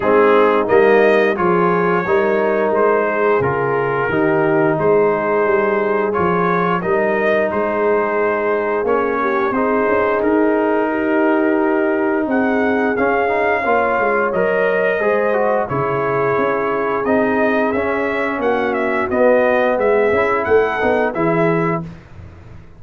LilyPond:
<<
  \new Staff \with { instrumentName = "trumpet" } { \time 4/4 \tempo 4 = 88 gis'4 dis''4 cis''2 | c''4 ais'2 c''4~ | c''4 cis''4 dis''4 c''4~ | c''4 cis''4 c''4 ais'4~ |
ais'2 fis''4 f''4~ | f''4 dis''2 cis''4~ | cis''4 dis''4 e''4 fis''8 e''8 | dis''4 e''4 fis''4 e''4 | }
  \new Staff \with { instrumentName = "horn" } { \time 4/4 dis'2 gis'4 ais'4~ | ais'8 gis'4. g'4 gis'4~ | gis'2 ais'4 gis'4~ | gis'4. g'8 gis'2 |
g'2 gis'2 | cis''2 c''4 gis'4~ | gis'2. fis'4~ | fis'4 gis'4 a'4 gis'4 | }
  \new Staff \with { instrumentName = "trombone" } { \time 4/4 c'4 ais4 f'4 dis'4~ | dis'4 f'4 dis'2~ | dis'4 f'4 dis'2~ | dis'4 cis'4 dis'2~ |
dis'2. cis'8 dis'8 | f'4 ais'4 gis'8 fis'8 e'4~ | e'4 dis'4 cis'2 | b4. e'4 dis'8 e'4 | }
  \new Staff \with { instrumentName = "tuba" } { \time 4/4 gis4 g4 f4 g4 | gis4 cis4 dis4 gis4 | g4 f4 g4 gis4~ | gis4 ais4 c'8 cis'8 dis'4~ |
dis'2 c'4 cis'4 | ais8 gis8 fis4 gis4 cis4 | cis'4 c'4 cis'4 ais4 | b4 gis8 cis'8 a8 b8 e4 | }
>>